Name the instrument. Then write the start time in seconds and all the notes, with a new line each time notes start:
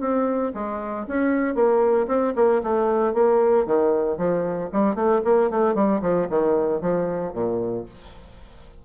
bassoon
0.00 C4
0.54 G#3
1.07 C#4
1.55 A#3
2.08 C4
2.35 A#3
2.63 A3
3.14 A#3
3.66 D#3
4.18 F3
4.73 G3
4.95 A3
5.25 A#3
5.51 A3
5.75 G3
6.02 F3
6.30 D#3
6.81 F3
7.33 A#2